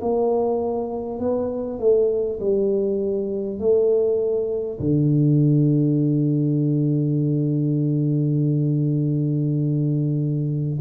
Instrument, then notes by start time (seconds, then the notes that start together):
tuba
0.00 A#3
1.19 B3
1.79 A3
2.40 G3
3.59 A3
4.79 D3